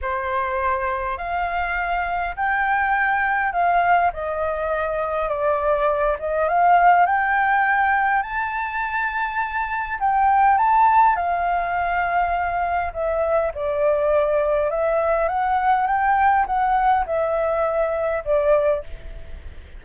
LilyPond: \new Staff \with { instrumentName = "flute" } { \time 4/4 \tempo 4 = 102 c''2 f''2 | g''2 f''4 dis''4~ | dis''4 d''4. dis''8 f''4 | g''2 a''2~ |
a''4 g''4 a''4 f''4~ | f''2 e''4 d''4~ | d''4 e''4 fis''4 g''4 | fis''4 e''2 d''4 | }